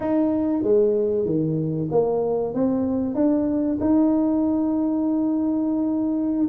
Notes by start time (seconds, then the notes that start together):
0.00 D#4
0.62 G#3
1.25 D#3
1.91 A#3
2.54 C4
3.14 D4
3.80 D#4